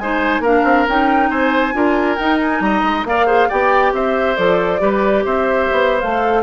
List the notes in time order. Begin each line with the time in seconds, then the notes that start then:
0.00 G#3 D#4 C5 G#5
0.40 A#3 D4 A#4 F5
0.64 C4
0.88 C#4 D#4 G5
1.30 C4 C5 G#5
1.73 D4 F4 A#4
2.16 D#4 G5
2.42 G#5
2.60 G3 D#5 A#5
2.83 G#3
3.05 A#3 A#4 D5 F5
3.27 G#4 C5
3.49 B3 G4 D5 G5
3.93 C4 C5 E5
4.37 F3 A4 D5
4.80 G3 G4 B4
5.25 C4 C5 E5
5.72 B3
6.00 A3 A4 F5